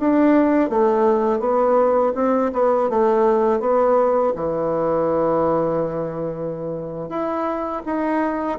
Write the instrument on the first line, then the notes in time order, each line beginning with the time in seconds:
bassoon
0.00 D4
0.70 A3
1.40 B3
2.15 C4
2.53 B3
2.90 A3
3.61 B3
4.36 E3
7.10 E4
7.86 D#4